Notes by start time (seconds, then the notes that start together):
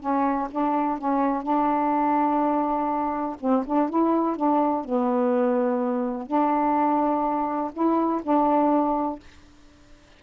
0.00 C#4
0.52 D4
0.99 C#4
1.43 D4
3.40 C4
3.67 D4
3.90 E4
4.37 D4
4.85 B3
6.27 D4
7.74 E4
8.23 D4